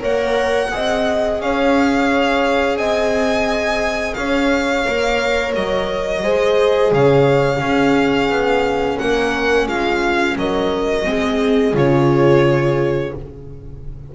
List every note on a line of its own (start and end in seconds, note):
0.00 0.73 A#3
0.00 0.69 A#4
0.00 0.70 C#5
0.00 1.41 F#5
0.71 1.41 C4
0.71 4.85 G#4
0.71 1.43 D#5
1.41 2.77 C#4
1.41 2.78 C#5
1.41 2.78 F5
2.77 4.15 C4
2.77 4.16 D#5
2.77 4.14 G#5
4.14 4.86 C#4
4.14 6.23 C#5
4.14 5.52 F5
4.87 5.55 A#3
4.87 6.24 A#4
5.55 6.23 F#3
5.55 6.94 D#5
6.23 6.92 G#3
6.23 7.57 G#4
6.23 6.92 C5
6.92 7.61 C#3
6.92 7.61 C#5
6.92 8.99 F5
7.57 11.02 C#4
7.57 8.29 C#4
7.57 9.00 G#4
8.29 8.98 B3
8.99 9.67 A#3
8.99 9.67 A#4
8.99 9.68 F#5
9.67 10.36 G#3
9.67 10.36 F4
9.67 10.37 F5
10.37 11.06 F#3
10.37 11.08 A#4
10.37 11.76 D#5
11.05 11.74 G#3
11.05 11.74 C4
11.05 13.15 G#4
11.74 13.12 C#3
11.74 13.12 F4
11.74 13.15 C#5